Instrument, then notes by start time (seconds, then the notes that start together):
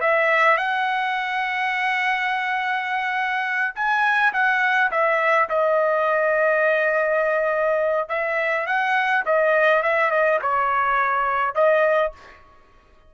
trumpet
0.00 E5
0.57 F#5
3.75 G#5
4.33 F#5
4.91 E5
5.49 D#5
8.08 E5
8.66 F#5
9.25 D#5
9.83 E5
10.11 D#5
10.42 C#5
11.54 D#5